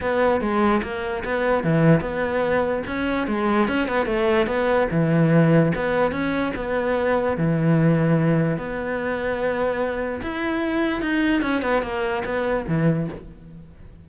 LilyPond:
\new Staff \with { instrumentName = "cello" } { \time 4/4 \tempo 4 = 147 b4 gis4 ais4 b4 | e4 b2 cis'4 | gis4 cis'8 b8 a4 b4 | e2 b4 cis'4 |
b2 e2~ | e4 b2.~ | b4 e'2 dis'4 | cis'8 b8 ais4 b4 e4 | }